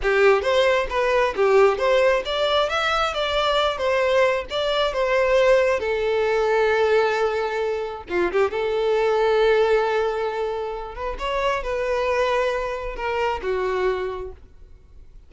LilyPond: \new Staff \with { instrumentName = "violin" } { \time 4/4 \tempo 4 = 134 g'4 c''4 b'4 g'4 | c''4 d''4 e''4 d''4~ | d''8 c''4. d''4 c''4~ | c''4 a'2.~ |
a'2 f'8 g'8 a'4~ | a'1~ | a'8 b'8 cis''4 b'2~ | b'4 ais'4 fis'2 | }